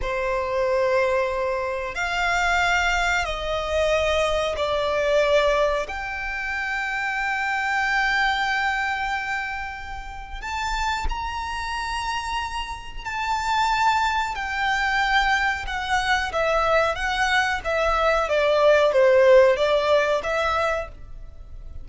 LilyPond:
\new Staff \with { instrumentName = "violin" } { \time 4/4 \tempo 4 = 92 c''2. f''4~ | f''4 dis''2 d''4~ | d''4 g''2.~ | g''1 |
a''4 ais''2. | a''2 g''2 | fis''4 e''4 fis''4 e''4 | d''4 c''4 d''4 e''4 | }